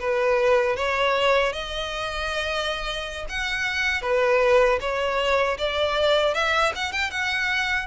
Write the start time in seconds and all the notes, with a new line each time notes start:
0.00 B4
0.77 C#5
1.53 D#5
3.29 F#5
4.02 B4
4.81 C#5
5.58 D5
6.35 E5
6.76 F#5
6.92 G5
7.10 F#5